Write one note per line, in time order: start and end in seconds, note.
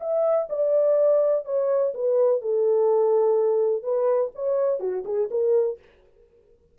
0.00 0.48 E5
0.49 1.45 D5
1.45 1.93 C#5
1.94 2.41 B4
2.41 3.83 A4
3.83 4.31 B4
4.35 4.80 C#5
4.80 5.04 F#4
5.05 5.29 G#4
5.30 5.78 A#4